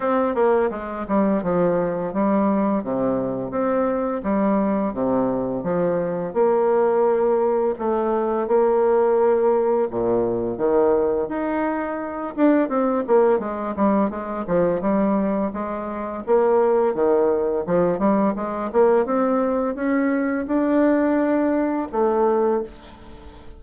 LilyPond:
\new Staff \with { instrumentName = "bassoon" } { \time 4/4 \tempo 4 = 85 c'8 ais8 gis8 g8 f4 g4 | c4 c'4 g4 c4 | f4 ais2 a4 | ais2 ais,4 dis4 |
dis'4. d'8 c'8 ais8 gis8 g8 | gis8 f8 g4 gis4 ais4 | dis4 f8 g8 gis8 ais8 c'4 | cis'4 d'2 a4 | }